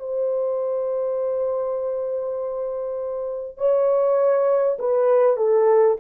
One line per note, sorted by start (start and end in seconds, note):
0.00 3.58 C5
3.58 4.78 C#5
4.79 5.37 B4
5.37 5.97 A4